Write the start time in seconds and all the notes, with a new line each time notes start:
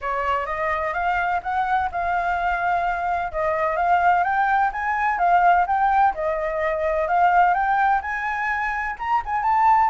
0.01 C#5
0.46 D#5
0.93 F5
1.42 F#5
1.91 F5
3.32 D#5
3.76 F5
4.23 G5
4.72 G#5
5.18 F5
5.66 G5
6.14 D#5
7.08 F5
7.54 G5
8.01 G#5
8.98 A#5
9.25 G#5
9.43 A5